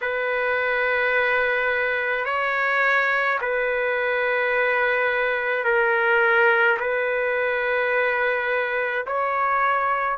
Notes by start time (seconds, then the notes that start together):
0.01 B4
2.25 C#5
3.41 B4
5.64 A#4
6.79 B4
9.06 C#5